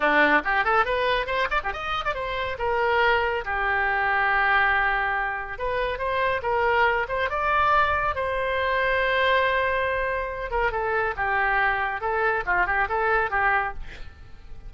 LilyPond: \new Staff \with { instrumentName = "oboe" } { \time 4/4 \tempo 4 = 140 d'4 g'8 a'8 b'4 c''8 d''16 g'16 | dis''8. d''16 c''4 ais'2 | g'1~ | g'4 b'4 c''4 ais'4~ |
ais'8 c''8 d''2 c''4~ | c''1~ | c''8 ais'8 a'4 g'2 | a'4 f'8 g'8 a'4 g'4 | }